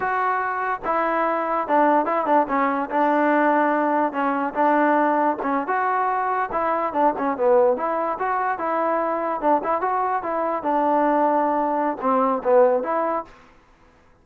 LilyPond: \new Staff \with { instrumentName = "trombone" } { \time 4/4 \tempo 4 = 145 fis'2 e'2 | d'4 e'8 d'8 cis'4 d'4~ | d'2 cis'4 d'4~ | d'4 cis'8. fis'2 e'16~ |
e'8. d'8 cis'8 b4 e'4 fis'16~ | fis'8. e'2 d'8 e'8 fis'16~ | fis'8. e'4 d'2~ d'16~ | d'4 c'4 b4 e'4 | }